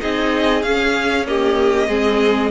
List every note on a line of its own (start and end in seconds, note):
0.00 0.63 C4
0.00 0.63 D#4
0.00 1.27 G#4
0.00 0.63 D#5
0.63 1.88 C#4
0.63 1.27 C#4
0.63 1.26 F5
1.27 1.90 A#3
1.27 1.89 G4
1.27 2.51 D#5
1.88 2.51 G#3
1.88 2.51 C4
1.88 2.51 G#4